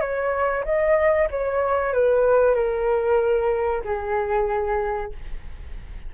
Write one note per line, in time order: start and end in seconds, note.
0.00 0.64 C#5
0.64 1.28 D#5
1.30 1.93 C#5
1.93 2.55 B4
2.55 3.82 A#4
3.84 5.12 G#4